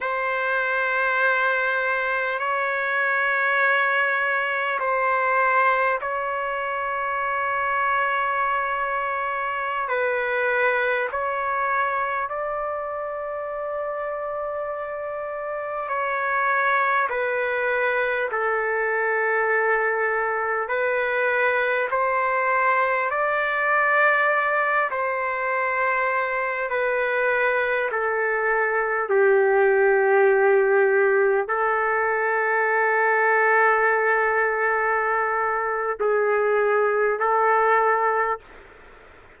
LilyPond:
\new Staff \with { instrumentName = "trumpet" } { \time 4/4 \tempo 4 = 50 c''2 cis''2 | c''4 cis''2.~ | cis''16 b'4 cis''4 d''4.~ d''16~ | d''4~ d''16 cis''4 b'4 a'8.~ |
a'4~ a'16 b'4 c''4 d''8.~ | d''8. c''4. b'4 a'8.~ | a'16 g'2 a'4.~ a'16~ | a'2 gis'4 a'4 | }